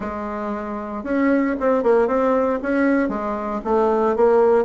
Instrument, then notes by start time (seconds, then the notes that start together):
bassoon
0.00 G#3
1.03 C#4
1.60 C4
1.83 A#3
2.07 C4
2.62 C#4
3.08 G#3
3.64 A3
4.16 A#3